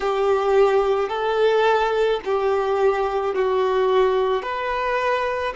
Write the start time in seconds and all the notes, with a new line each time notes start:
0.00 G4
1.09 A4
2.25 G4
3.34 F#4
4.42 B4